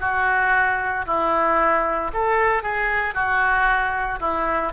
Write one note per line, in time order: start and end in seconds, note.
0.00 1.05 F#4
1.06 2.11 E4
2.13 2.62 A4
2.62 3.14 G#4
3.14 4.19 F#4
4.20 4.72 E4